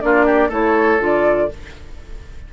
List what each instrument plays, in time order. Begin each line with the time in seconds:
0.00 bassoon A#3, clarinet D4, oboe F4, flute D5
0.25 oboe G4
0.49 bassoon A3, clarinet E4, oboe A4, flute C#5
0.98 bassoon D3, clarinet F4, flute D5